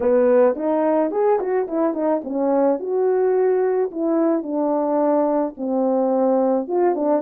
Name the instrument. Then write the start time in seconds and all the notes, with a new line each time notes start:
horn
0.00 B3
0.55 D#4
1.11 G#4
1.39 F#4
1.67 E4
1.93 D#4
2.24 C#4
2.79 F#4
3.91 E4
4.43 D4
5.57 C4
6.67 F4
6.95 D4